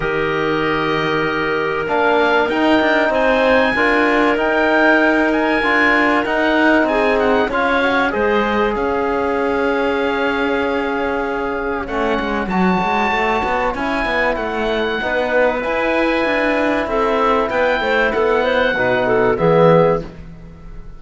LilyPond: <<
  \new Staff \with { instrumentName = "oboe" } { \time 4/4 \tempo 4 = 96 dis''2. f''4 | g''4 gis''2 g''4~ | g''8 gis''4. fis''4 gis''8 fis''8 | f''4 dis''4 f''2~ |
f''2. fis''4 | a''2 gis''4 fis''4~ | fis''4 gis''2 e''4 | g''4 fis''2 e''4 | }
  \new Staff \with { instrumentName = "clarinet" } { \time 4/4 ais'1~ | ais'4 c''4 ais'2~ | ais'2. gis'4 | cis''4 c''4 cis''2~ |
cis''1~ | cis''1 | b'2. a'4 | b'8 c''8 a'8 c''8 b'8 a'8 gis'4 | }
  \new Staff \with { instrumentName = "trombone" } { \time 4/4 g'2. d'4 | dis'2 f'4 dis'4~ | dis'4 f'4 dis'2 | f'8 fis'8 gis'2.~ |
gis'2. cis'4 | fis'2 e'2 | dis'4 e'2.~ | e'2 dis'4 b4 | }
  \new Staff \with { instrumentName = "cello" } { \time 4/4 dis2. ais4 | dis'8 d'8 c'4 d'4 dis'4~ | dis'4 d'4 dis'4 c'4 | cis'4 gis4 cis'2~ |
cis'2. a8 gis8 | fis8 gis8 a8 b8 cis'8 b8 a4 | b4 e'4 d'4 c'4 | b8 a8 b4 b,4 e4 | }
>>